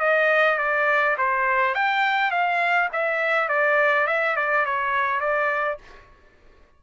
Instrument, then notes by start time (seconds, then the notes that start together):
trumpet
0.00 D#5
0.58 D5
1.18 C5
1.74 G5
2.31 F5
2.93 E5
3.49 D5
4.07 E5
4.36 D5
4.65 C#5
5.20 D5